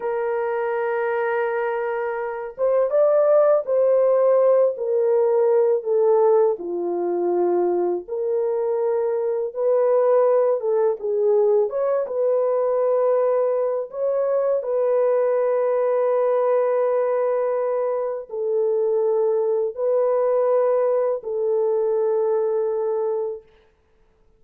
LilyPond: \new Staff \with { instrumentName = "horn" } { \time 4/4 \tempo 4 = 82 ais'2.~ ais'8 c''8 | d''4 c''4. ais'4. | a'4 f'2 ais'4~ | ais'4 b'4. a'8 gis'4 |
cis''8 b'2~ b'8 cis''4 | b'1~ | b'4 a'2 b'4~ | b'4 a'2. | }